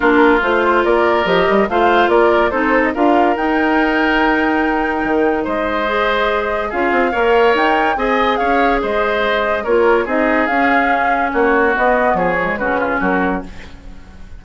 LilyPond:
<<
  \new Staff \with { instrumentName = "flute" } { \time 4/4 \tempo 4 = 143 ais'4 c''4 d''4 dis''4 | f''4 d''4 c''8. dis''16 f''4 | g''1~ | g''4 dis''2. |
f''2 g''4 gis''4 | f''4 dis''2 cis''4 | dis''4 f''2 cis''4 | dis''4 cis''4 b'4 ais'4 | }
  \new Staff \with { instrumentName = "oboe" } { \time 4/4 f'2 ais'2 | c''4 ais'4 a'4 ais'4~ | ais'1~ | ais'4 c''2. |
gis'4 cis''2 dis''4 | cis''4 c''2 ais'4 | gis'2. fis'4~ | fis'4 gis'4 fis'8 f'8 fis'4 | }
  \new Staff \with { instrumentName = "clarinet" } { \time 4/4 d'4 f'2 g'4 | f'2 dis'4 f'4 | dis'1~ | dis'2 gis'2 |
f'4 ais'2 gis'4~ | gis'2. f'4 | dis'4 cis'2. | b4. gis8 cis'2 | }
  \new Staff \with { instrumentName = "bassoon" } { \time 4/4 ais4 a4 ais4 f8 g8 | a4 ais4 c'4 d'4 | dis'1 | dis4 gis2. |
cis'8 c'8 ais4 dis'4 c'4 | cis'4 gis2 ais4 | c'4 cis'2 ais4 | b4 f4 cis4 fis4 | }
>>